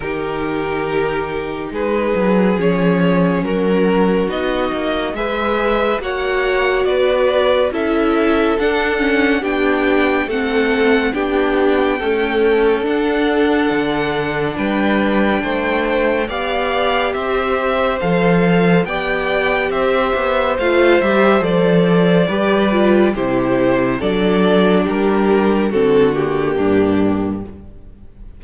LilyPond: <<
  \new Staff \with { instrumentName = "violin" } { \time 4/4 \tempo 4 = 70 ais'2 b'4 cis''4 | ais'4 dis''4 e''4 fis''4 | d''4 e''4 fis''4 g''4 | fis''4 g''2 fis''4~ |
fis''4 g''2 f''4 | e''4 f''4 g''4 e''4 | f''8 e''8 d''2 c''4 | d''4 ais'4 a'8 g'4. | }
  \new Staff \with { instrumentName = "violin" } { \time 4/4 g'2 gis'2 | fis'2 b'4 cis''4 | b'4 a'2 g'4 | a'4 g'4 a'2~ |
a'4 b'4 c''4 d''4 | c''2 d''4 c''4~ | c''2 b'4 g'4 | a'4 g'4 fis'4 d'4 | }
  \new Staff \with { instrumentName = "viola" } { \time 4/4 dis'2. cis'4~ | cis'4 dis'4 gis'4 fis'4~ | fis'4 e'4 d'8 cis'8 d'4 | c'4 d'4 a4 d'4~ |
d'2. g'4~ | g'4 a'4 g'2 | f'8 g'8 a'4 g'8 f'8 e'4 | d'2 c'8 ais4. | }
  \new Staff \with { instrumentName = "cello" } { \time 4/4 dis2 gis8 fis8 f4 | fis4 b8 ais8 gis4 ais4 | b4 cis'4 d'4 b4 | a4 b4 cis'4 d'4 |
d4 g4 a4 b4 | c'4 f4 b4 c'8 b8 | a8 g8 f4 g4 c4 | fis4 g4 d4 g,4 | }
>>